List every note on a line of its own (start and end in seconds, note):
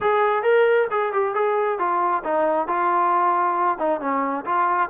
0.00 0.43 G#4
0.43 0.87 A#4
0.90 1.12 G#4
1.12 1.34 G4
1.35 1.78 G#4
1.78 2.23 F4
2.24 2.67 D#4
2.67 3.78 F4
3.78 4.00 D#4
4.00 4.44 C#4
4.45 4.89 F4